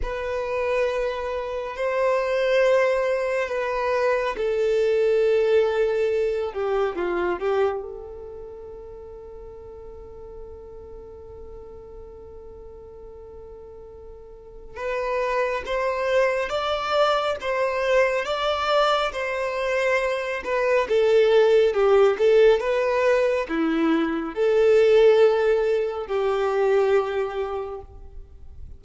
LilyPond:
\new Staff \with { instrumentName = "violin" } { \time 4/4 \tempo 4 = 69 b'2 c''2 | b'4 a'2~ a'8 g'8 | f'8 g'8 a'2.~ | a'1~ |
a'4 b'4 c''4 d''4 | c''4 d''4 c''4. b'8 | a'4 g'8 a'8 b'4 e'4 | a'2 g'2 | }